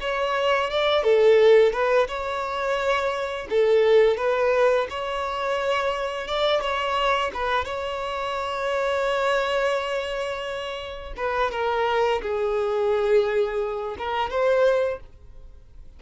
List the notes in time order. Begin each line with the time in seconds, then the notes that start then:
0.00 C#5
0.70 D5
1.03 A4
1.72 B4
2.08 C#5
3.49 A4
4.17 B4
4.89 C#5
6.27 D5
6.61 C#5
7.34 B4
7.65 C#5
11.16 B4
11.51 A#4
12.22 G#4
13.98 A#4
14.30 C5